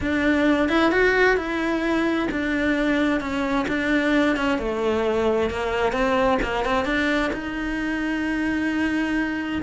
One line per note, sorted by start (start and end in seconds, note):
0.00 0.68 D4
0.68 0.91 E4
0.91 1.36 F#4
1.36 2.28 E4
2.31 3.20 D4
3.20 3.66 C#4
3.67 4.36 D4
4.36 4.58 C#4
4.58 5.49 A3
5.50 5.92 A#3
5.92 6.38 C4
6.42 6.64 A#3
6.64 6.85 C4
6.85 7.31 D4
7.32 9.61 D#4